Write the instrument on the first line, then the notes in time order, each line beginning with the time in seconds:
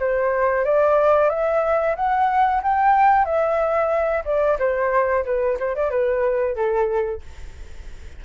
flute
0.00 C5
0.65 D5
1.30 E5
1.96 F#5
2.63 G5
3.25 E5
4.25 D5
4.59 C5
5.25 B4
5.60 C5
5.76 D5
5.90 B4
6.56 A4